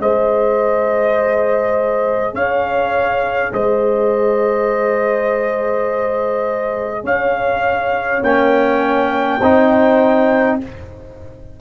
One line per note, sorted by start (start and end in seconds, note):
0.00 2.34 G#3
0.00 8.23 G#4
0.00 2.35 C5
0.00 2.35 D#5
2.34 3.51 C#4
2.34 3.52 C#5
2.34 3.53 F5
3.52 7.04 G#3
3.52 7.04 C5
3.52 7.06 D#5
7.04 8.21 C#4
7.04 9.39 C#5
7.04 8.24 F5
8.23 9.40 A#3
8.23 9.41 C#4
8.23 10.59 G5
9.39 10.60 C4
9.39 10.61 D#4
9.39 10.57 C5